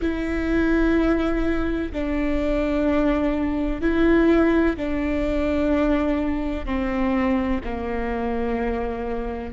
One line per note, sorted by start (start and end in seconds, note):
0.01 1.92 E4
1.92 3.81 D4
3.81 4.76 E4
4.76 6.65 D4
6.65 7.60 C4
7.64 9.52 A#3